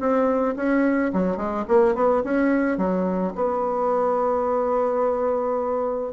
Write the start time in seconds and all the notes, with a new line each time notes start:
0.00 C4
0.56 C#4
1.13 F#3
1.37 G#3
1.68 A#3
1.95 B3
2.24 C#4
2.78 F#3
3.35 B3